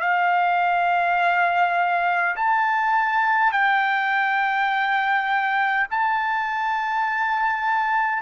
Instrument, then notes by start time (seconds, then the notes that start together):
trumpet
0.00 F5
2.36 A5
3.52 G5
5.90 A5